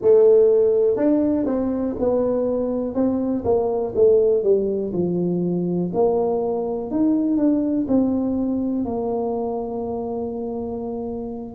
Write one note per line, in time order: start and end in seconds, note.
0.01 0.96 A3
0.96 1.45 D4
1.46 1.95 C4
1.99 2.94 B3
2.94 3.43 C4
3.44 3.93 A#3
3.95 4.43 A3
4.43 4.92 G3
4.92 5.91 F3
5.93 6.91 A#3
6.91 7.37 D#4
7.37 7.86 D4
7.88 8.84 C4
8.84 11.55 A#3